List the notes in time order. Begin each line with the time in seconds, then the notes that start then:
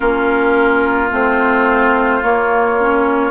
0.00 A#3 C#4 F4 A#4
1.11 A3 C4 C5
2.22 A#3 C#5
2.79 C#4